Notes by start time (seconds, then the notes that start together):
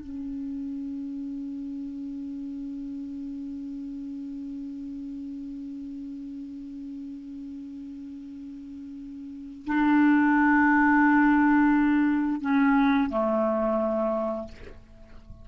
0.00 C#4
9.66 D4
12.41 C#4
13.10 A3